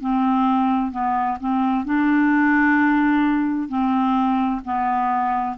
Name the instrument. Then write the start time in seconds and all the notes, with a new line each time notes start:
clarinet
0.00 C4
0.91 B3
1.40 C4
1.85 D4
3.68 C4
4.64 B3